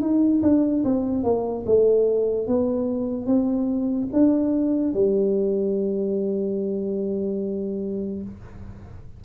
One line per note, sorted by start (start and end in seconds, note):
0.00 0.41 D#4
0.42 0.83 D4
0.84 1.24 C4
1.24 1.65 A#3
1.66 2.47 A3
2.47 3.26 B3
3.26 4.08 C4
4.12 4.94 D4
4.94 8.22 G3